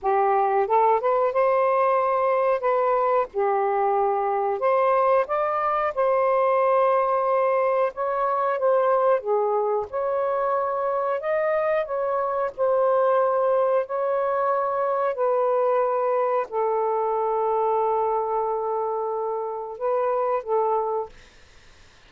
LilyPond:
\new Staff \with { instrumentName = "saxophone" } { \time 4/4 \tempo 4 = 91 g'4 a'8 b'8 c''2 | b'4 g'2 c''4 | d''4 c''2. | cis''4 c''4 gis'4 cis''4~ |
cis''4 dis''4 cis''4 c''4~ | c''4 cis''2 b'4~ | b'4 a'2.~ | a'2 b'4 a'4 | }